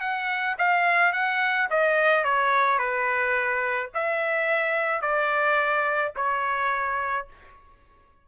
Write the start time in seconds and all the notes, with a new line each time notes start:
0.00 F#5
0.58 F5
1.12 F#5
1.70 D#5
2.24 C#5
2.78 B4
3.94 E5
5.01 D5
6.16 C#5